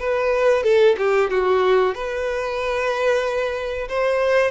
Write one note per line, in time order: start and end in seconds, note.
0.00 0.64 B4
0.64 0.96 A4
0.98 1.30 G4
1.31 1.95 F#4
1.95 3.89 B4
3.89 4.52 C5